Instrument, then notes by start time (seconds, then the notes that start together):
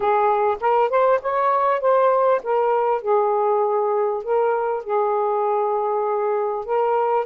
saxophone
0.00 G#4
0.60 A#4
0.89 C5
1.21 C#5
1.80 C5
2.43 A#4
3.01 G#4
4.23 A#4
4.83 G#4
6.65 A#4